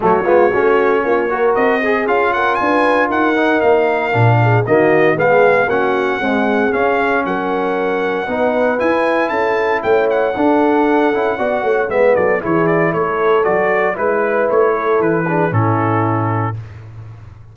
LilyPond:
<<
  \new Staff \with { instrumentName = "trumpet" } { \time 4/4 \tempo 4 = 116 cis''2. dis''4 | f''8 fis''8 gis''4 fis''4 f''4~ | f''4 dis''4 f''4 fis''4~ | fis''4 f''4 fis''2~ |
fis''4 gis''4 a''4 g''8 fis''8~ | fis''2. e''8 d''8 | cis''8 d''8 cis''4 d''4 b'4 | cis''4 b'4 a'2 | }
  \new Staff \with { instrumentName = "horn" } { \time 4/4 fis'8 f'8 fis'4 f'8 ais'4 gis'8~ | gis'8 ais'8 b'4 ais'2~ | ais'8 gis'8 fis'4 gis'4 fis'4 | gis'2 ais'2 |
b'2 a'4 cis''4 | a'2 d''8 cis''8 b'8 a'8 | gis'4 a'2 b'4~ | b'8 a'4 gis'8 e'2 | }
  \new Staff \with { instrumentName = "trombone" } { \time 4/4 a8 b8 cis'4. fis'4 gis'8 | f'2~ f'8 dis'4. | d'4 ais4 b4 cis'4 | gis4 cis'2. |
dis'4 e'2. | d'4. e'8 fis'4 b4 | e'2 fis'4 e'4~ | e'4. d'8 cis'2 | }
  \new Staff \with { instrumentName = "tuba" } { \time 4/4 fis8 gis8 a4 ais4 c'4 | cis'4 d'4 dis'4 ais4 | ais,4 dis4 gis4 ais4 | c'4 cis'4 fis2 |
b4 e'4 cis'4 a4 | d'4. cis'8 b8 a8 gis8 fis8 | e4 a4 fis4 gis4 | a4 e4 a,2 | }
>>